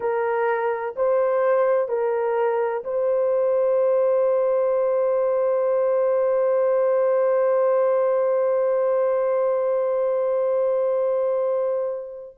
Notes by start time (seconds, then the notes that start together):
0.00 A#4
0.96 C5
1.88 A#4
2.84 C5